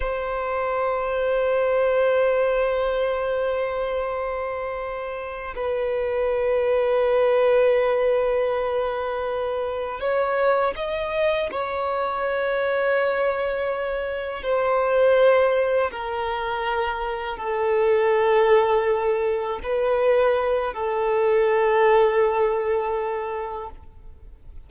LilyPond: \new Staff \with { instrumentName = "violin" } { \time 4/4 \tempo 4 = 81 c''1~ | c''2.~ c''8 b'8~ | b'1~ | b'4. cis''4 dis''4 cis''8~ |
cis''2.~ cis''8 c''8~ | c''4. ais'2 a'8~ | a'2~ a'8 b'4. | a'1 | }